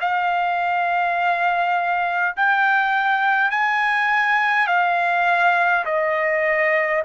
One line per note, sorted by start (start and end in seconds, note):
0.00 2.35 F5
2.36 3.51 G5
3.51 4.67 G#5
4.67 5.84 F5
5.84 7.02 D#5